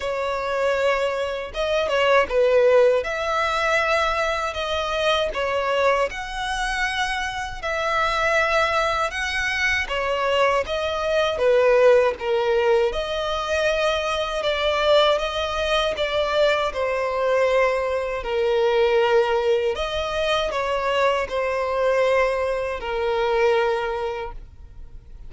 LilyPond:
\new Staff \with { instrumentName = "violin" } { \time 4/4 \tempo 4 = 79 cis''2 dis''8 cis''8 b'4 | e''2 dis''4 cis''4 | fis''2 e''2 | fis''4 cis''4 dis''4 b'4 |
ais'4 dis''2 d''4 | dis''4 d''4 c''2 | ais'2 dis''4 cis''4 | c''2 ais'2 | }